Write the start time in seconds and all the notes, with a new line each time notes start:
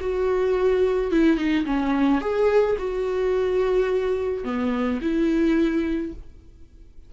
0.00 F#4
1.11 E4
1.37 D#4
1.65 C#4
2.20 G#4
2.78 F#4
4.44 B3
5.01 E4